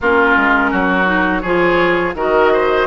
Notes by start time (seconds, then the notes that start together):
0.01 A#3 C#4 F4 A#4
0.36 G#3
0.70 F#3 F#4
1.05 D#4
1.40 F3 F4 G#4 C#5
2.14 D#3 F#4 A#4 D#5
2.52 C5